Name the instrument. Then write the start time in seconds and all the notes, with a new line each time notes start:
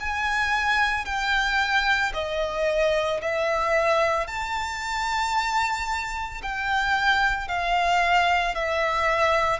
violin
0.00 G#5
1.05 G5
2.13 D#5
3.21 E5
4.27 A5
6.42 G5
7.48 F5
8.55 E5